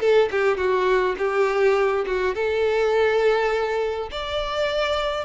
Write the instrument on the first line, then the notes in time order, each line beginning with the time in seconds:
violin
0.00 A4
0.31 G4
0.57 F#4
1.18 G4
2.06 F#4
2.35 A4
4.11 D5